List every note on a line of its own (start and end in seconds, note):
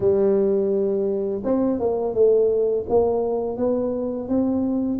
0.00 1.42 G3
1.44 1.79 C4
1.79 2.14 A#3
2.14 2.85 A3
2.89 3.57 A#3
3.57 4.28 B3
4.28 4.99 C4